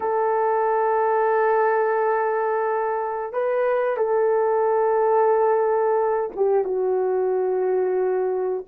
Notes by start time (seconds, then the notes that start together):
0.00 A4
3.32 B4
3.97 A4
6.35 G4
6.64 F#4